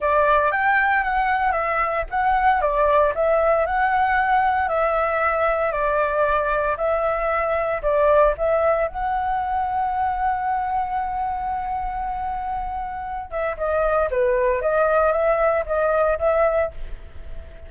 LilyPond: \new Staff \with { instrumentName = "flute" } { \time 4/4 \tempo 4 = 115 d''4 g''4 fis''4 e''4 | fis''4 d''4 e''4 fis''4~ | fis''4 e''2 d''4~ | d''4 e''2 d''4 |
e''4 fis''2.~ | fis''1~ | fis''4. e''8 dis''4 b'4 | dis''4 e''4 dis''4 e''4 | }